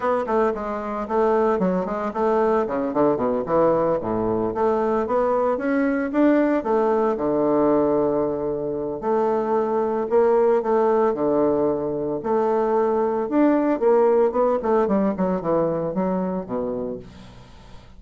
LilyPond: \new Staff \with { instrumentName = "bassoon" } { \time 4/4 \tempo 4 = 113 b8 a8 gis4 a4 fis8 gis8 | a4 cis8 d8 b,8 e4 a,8~ | a,8 a4 b4 cis'4 d'8~ | d'8 a4 d2~ d8~ |
d4 a2 ais4 | a4 d2 a4~ | a4 d'4 ais4 b8 a8 | g8 fis8 e4 fis4 b,4 | }